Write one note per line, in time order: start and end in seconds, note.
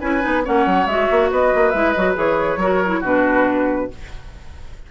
0.00 0.24 C#4
0.00 0.21 E4
0.00 0.44 B4
0.00 0.43 G#5
0.21 0.47 B3
0.21 0.43 D#4
0.44 0.66 A#3
0.44 0.87 C#4
0.44 1.31 C#5
0.44 0.87 F#5
0.66 0.86 F#3
0.86 1.08 G#3
0.86 1.74 F#4
0.86 1.30 E5
1.11 1.31 A#3
1.31 1.53 B3
1.31 2.60 B4
1.31 1.71 D#5
1.55 1.74 A#3
1.71 1.95 G#3
1.71 1.96 E4
1.71 1.92 E5
1.92 2.16 F#3
1.92 2.15 F#4
1.92 2.14 D#5
2.15 2.57 E3
2.15 2.58 G#4
2.15 3.04 C#5
2.57 3.00 F#3
2.57 2.84 F#4
2.57 3.00 A#4
2.86 3.04 E4
3.00 3.90 B2
3.00 3.91 D4
3.00 3.87 F#4
3.00 3.91 B4